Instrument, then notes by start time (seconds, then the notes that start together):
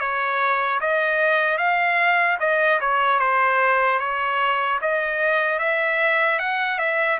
trumpet
0.00 C#5
0.81 D#5
1.58 F5
2.40 D#5
2.81 C#5
3.20 C5
4.00 C#5
4.82 D#5
5.59 E5
6.39 F#5
6.79 E5